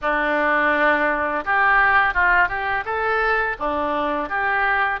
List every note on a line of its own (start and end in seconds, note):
0.01 1.44 D4
1.44 2.14 G4
2.14 2.48 F4
2.48 2.84 G4
2.85 3.56 A4
3.59 4.29 D4
4.29 5.00 G4